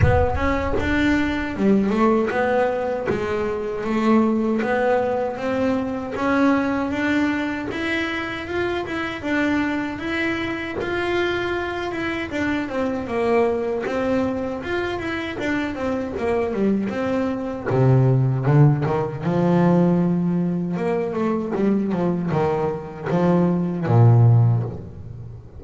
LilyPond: \new Staff \with { instrumentName = "double bass" } { \time 4/4 \tempo 4 = 78 b8 cis'8 d'4 g8 a8 b4 | gis4 a4 b4 c'4 | cis'4 d'4 e'4 f'8 e'8 | d'4 e'4 f'4. e'8 |
d'8 c'8 ais4 c'4 f'8 e'8 | d'8 c'8 ais8 g8 c'4 c4 | d8 dis8 f2 ais8 a8 | g8 f8 dis4 f4 ais,4 | }